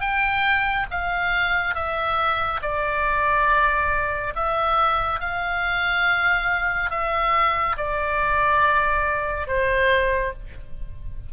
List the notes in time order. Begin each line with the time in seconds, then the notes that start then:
0.00 G5
0.90 F5
1.75 E5
2.62 D5
4.35 E5
5.19 F5
6.90 E5
7.76 D5
9.47 C5